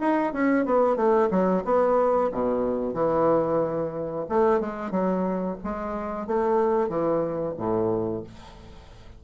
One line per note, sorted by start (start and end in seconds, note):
0.00 0.33 D#4
0.33 0.65 C#4
0.65 0.96 B3
0.96 1.29 A3
1.30 1.63 F#3
1.64 2.30 B3
2.31 2.94 B2
2.94 4.26 E3
4.29 4.60 A3
4.60 4.91 G#3
4.91 5.57 F#3
5.63 6.27 G#3
6.27 6.89 A3
6.89 7.55 E3
7.57 8.23 A2